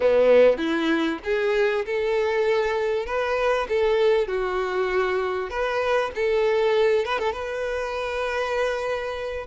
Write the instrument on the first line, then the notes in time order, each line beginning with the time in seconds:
violin
0.00 B3
0.57 E4
1.24 G#4
1.85 A4
3.06 B4
3.68 A4
4.27 F#4
5.49 B4
6.15 A4
7.05 B4
7.18 A4
7.32 B4